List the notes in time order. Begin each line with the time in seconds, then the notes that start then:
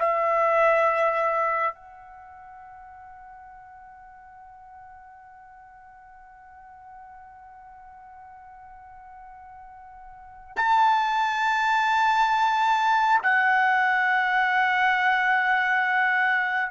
0.00 E5
1.75 F#5
10.57 A5
13.23 F#5